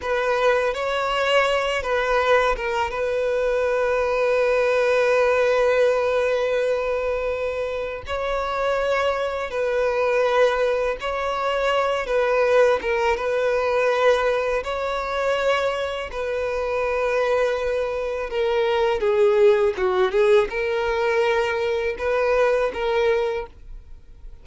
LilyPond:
\new Staff \with { instrumentName = "violin" } { \time 4/4 \tempo 4 = 82 b'4 cis''4. b'4 ais'8 | b'1~ | b'2. cis''4~ | cis''4 b'2 cis''4~ |
cis''8 b'4 ais'8 b'2 | cis''2 b'2~ | b'4 ais'4 gis'4 fis'8 gis'8 | ais'2 b'4 ais'4 | }